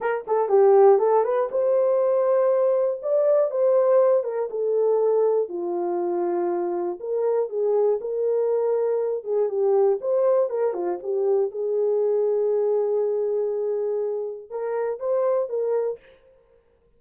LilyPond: \new Staff \with { instrumentName = "horn" } { \time 4/4 \tempo 4 = 120 ais'8 a'8 g'4 a'8 b'8 c''4~ | c''2 d''4 c''4~ | c''8 ais'8 a'2 f'4~ | f'2 ais'4 gis'4 |
ais'2~ ais'8 gis'8 g'4 | c''4 ais'8 f'8 g'4 gis'4~ | gis'1~ | gis'4 ais'4 c''4 ais'4 | }